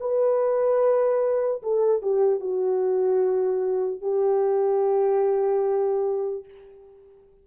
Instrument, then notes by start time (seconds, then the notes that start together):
horn
0.00 B4
1.63 A4
2.02 G4
2.40 F#4
4.02 G4